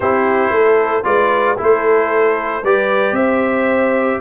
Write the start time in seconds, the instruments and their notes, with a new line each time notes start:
0.00 tuba C4, trombone E4, horn G4, trumpet C5
0.50 tuba A3, horn A4
1.03 tuba G#3, trombone F4, horn B4, trumpet D5
1.57 tuba A3, trombone E4, horn A4, trumpet C5
2.61 tuba G3, trombone G4, horn B4, trumpet D5
3.11 tuba C4, horn C5, trumpet E5